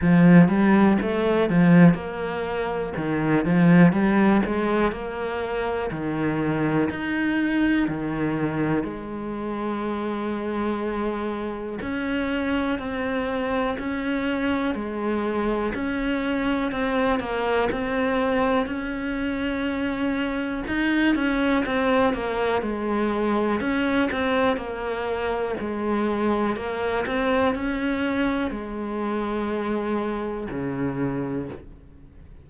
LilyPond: \new Staff \with { instrumentName = "cello" } { \time 4/4 \tempo 4 = 61 f8 g8 a8 f8 ais4 dis8 f8 | g8 gis8 ais4 dis4 dis'4 | dis4 gis2. | cis'4 c'4 cis'4 gis4 |
cis'4 c'8 ais8 c'4 cis'4~ | cis'4 dis'8 cis'8 c'8 ais8 gis4 | cis'8 c'8 ais4 gis4 ais8 c'8 | cis'4 gis2 cis4 | }